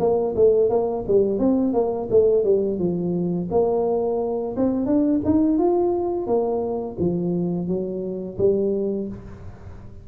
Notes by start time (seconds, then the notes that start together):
0.00 A#3
0.36 A3
0.70 A#3
1.08 G3
1.39 C4
1.74 A#3
2.11 A3
2.45 G3
2.79 F3
3.51 A#3
4.57 C4
4.86 D4
5.25 D#4
5.58 F4
6.27 A#3
7.00 F3
7.68 F#3
8.38 G3